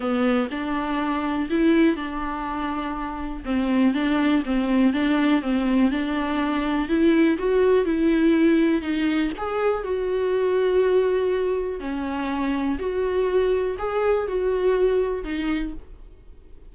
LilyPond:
\new Staff \with { instrumentName = "viola" } { \time 4/4 \tempo 4 = 122 b4 d'2 e'4 | d'2. c'4 | d'4 c'4 d'4 c'4 | d'2 e'4 fis'4 |
e'2 dis'4 gis'4 | fis'1 | cis'2 fis'2 | gis'4 fis'2 dis'4 | }